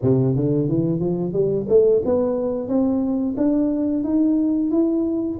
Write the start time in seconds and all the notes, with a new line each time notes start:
0.02 C3
0.35 D3
0.68 E3
0.99 F3
1.32 G3
1.68 A3
2.05 B3
2.68 C4
3.37 D4
4.03 D#4
4.70 E4